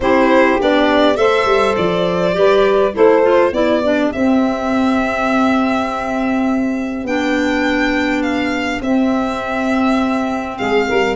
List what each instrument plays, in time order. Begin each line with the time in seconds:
0.00 tuba C4, clarinet E4, saxophone G4, violin C5
0.60 tuba B3, clarinet D4, violin D5
1.14 tuba A3, clarinet A4, saxophone C5, violin E5
1.45 tuba G3
1.76 tuba F3, violin D5
2.32 tuba G3, clarinet G4, saxophone B4
2.93 tuba A3, clarinet E4, saxophone A4, violin C5
3.22 clarinet F4
3.51 tuba B3, clarinet E4, saxophone G4, violin D5
3.83 clarinet D4
4.12 tuba C4, clarinet C4, violin E5
7.04 tuba B3, clarinet D4, violin G5
8.22 violin F5
8.80 tuba C4, clarinet C4, violin E5
10.57 tuba G#3, saxophone G#4, violin F5
10.87 tuba G3, saxophone A#4